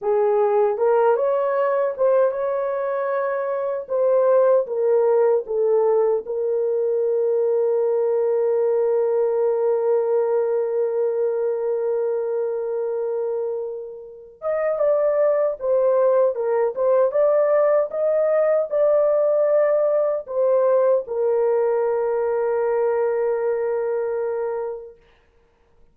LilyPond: \new Staff \with { instrumentName = "horn" } { \time 4/4 \tempo 4 = 77 gis'4 ais'8 cis''4 c''8 cis''4~ | cis''4 c''4 ais'4 a'4 | ais'1~ | ais'1~ |
ais'2~ ais'8 dis''8 d''4 | c''4 ais'8 c''8 d''4 dis''4 | d''2 c''4 ais'4~ | ais'1 | }